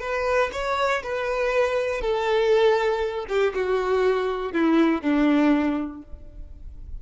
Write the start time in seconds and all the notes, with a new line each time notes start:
0.00 B4
0.53 C#5
1.02 B4
2.01 A4
3.28 G4
3.54 F#4
4.52 E4
5.02 D4